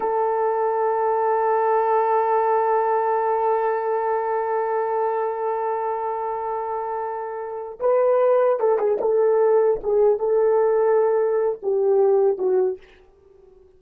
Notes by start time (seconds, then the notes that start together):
0.00 A4
7.79 B4
8.59 A4
8.78 G#4
9.00 A4
9.83 G#4
10.19 A4
11.62 G4
12.38 F#4